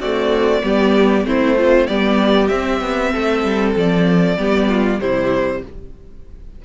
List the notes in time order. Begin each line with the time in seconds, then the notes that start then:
0.00 A3 C4 F#4 D5
0.63 G3 B3 G4
1.25 A3 C4 E4 C5
1.58 C4 F4
1.87 G3 B3 G4 D5
2.48 C4 E5
2.81 B3
3.12 A3 A4
3.45 G3
3.76 F3 D5
4.37 G3 B3 G4
4.69 F4
5.00 C3 G3 E4 C5